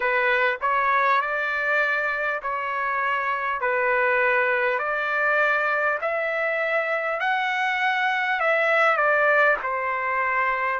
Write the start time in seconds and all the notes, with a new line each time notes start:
0.00 B4
0.61 C#5
1.21 D5
2.42 C#5
3.60 B4
4.78 D5
6.01 E5
7.20 F#5
8.40 E5
8.97 D5
9.63 C5